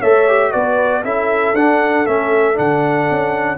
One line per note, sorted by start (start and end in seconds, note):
0.00 0.54 A3
0.00 0.28 A4
0.00 0.51 C#5
0.00 0.52 E5
0.28 0.52 G4
0.52 1.04 B3
0.52 1.04 F#4
0.52 1.04 B4
0.52 1.03 D5
1.04 1.54 C#4
1.04 1.55 E4
1.04 3.58 A4
1.04 1.55 E5
1.54 2.05 D4
1.54 2.07 D4
1.54 2.06 F#5
2.06 2.58 A3
2.06 2.54 C#4
2.06 2.57 E5
2.54 3.10 D3
2.54 3.57 D4
2.54 3.58 F#5
3.11 3.58 C#4